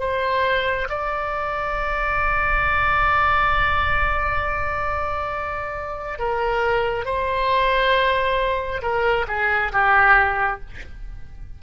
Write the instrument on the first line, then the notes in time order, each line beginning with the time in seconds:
oboe
0.00 C5
0.90 D5
6.19 A#4
7.05 C5
8.82 A#4
9.28 G#4
9.73 G4